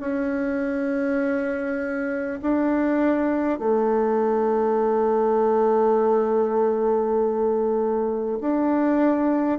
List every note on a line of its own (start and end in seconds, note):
0.00 2.40 C#4
2.42 3.59 D4
3.59 8.39 A3
8.41 9.59 D4